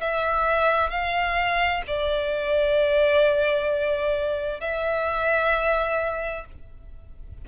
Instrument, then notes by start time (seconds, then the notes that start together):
violin
0.00 E5
0.90 F5
1.87 D5
4.60 E5